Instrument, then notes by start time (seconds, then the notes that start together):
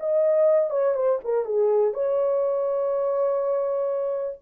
horn
0.00 D#5
0.70 C#5
0.95 C5
1.24 A#4
1.45 G#4
1.94 C#5